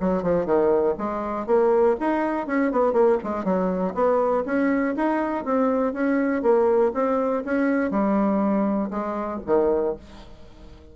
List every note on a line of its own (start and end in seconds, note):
0.00 0.23 F#3
0.23 0.45 F3
0.45 0.95 D#3
0.98 1.46 G#3
1.46 1.96 A#3
2.00 2.46 D#4
2.46 2.71 C#4
2.71 2.93 B3
2.93 3.17 A#3
3.23 3.44 G#3
3.44 3.94 F#3
3.94 4.44 B3
4.45 4.95 C#4
4.96 5.45 D#4
5.45 5.93 C4
5.93 6.42 C#4
6.42 6.92 A#3
6.94 7.43 C4
7.44 7.90 C#4
7.90 8.90 G3
8.90 9.40 G#3
9.46 9.96 D#3